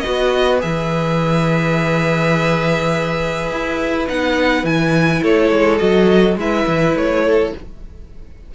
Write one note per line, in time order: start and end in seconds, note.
0.00 0.59 F#4
0.00 5.22 B4
0.00 0.58 D#5
0.07 0.63 B3
0.59 3.51 E3
0.59 4.05 G#4
0.59 4.08 E5
3.51 4.09 E4
4.07 4.63 B3
4.07 4.63 D#4
4.07 4.65 F#5
4.63 5.21 E3
4.63 5.79 E4
4.63 5.23 G#5
5.22 5.51 A3
5.22 6.37 A4
5.22 5.78 C#5
5.51 5.80 G#3
5.78 6.36 F#3
5.78 6.36 F#4
5.78 6.36 D#5
6.36 6.65 G#3
6.36 7.55 E4
6.36 7.24 B4
6.36 6.97 E5
6.67 6.95 E3
6.95 7.53 A3
6.95 7.54 C#5
7.24 7.53 A4